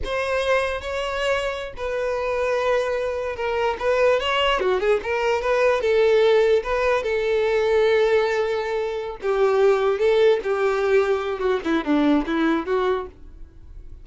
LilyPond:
\new Staff \with { instrumentName = "violin" } { \time 4/4 \tempo 4 = 147 c''2 cis''2~ | cis''16 b'2.~ b'8.~ | b'16 ais'4 b'4 cis''4 fis'8 gis'16~ | gis'16 ais'4 b'4 a'4.~ a'16~ |
a'16 b'4 a'2~ a'8.~ | a'2~ a'8 g'4.~ | g'8 a'4 g'2~ g'8 | fis'8 e'8 d'4 e'4 fis'4 | }